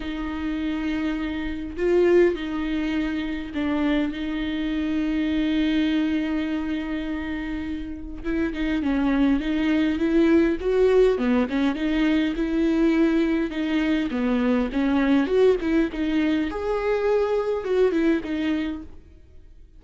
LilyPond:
\new Staff \with { instrumentName = "viola" } { \time 4/4 \tempo 4 = 102 dis'2. f'4 | dis'2 d'4 dis'4~ | dis'1~ | dis'2 e'8 dis'8 cis'4 |
dis'4 e'4 fis'4 b8 cis'8 | dis'4 e'2 dis'4 | b4 cis'4 fis'8 e'8 dis'4 | gis'2 fis'8 e'8 dis'4 | }